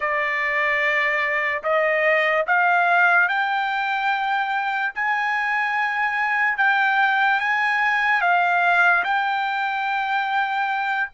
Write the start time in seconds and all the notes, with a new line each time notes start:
0.00 D5
1.63 D#5
2.47 F5
3.28 G5
4.95 G#5
6.58 G5
7.40 G#5
8.21 F5
9.04 G5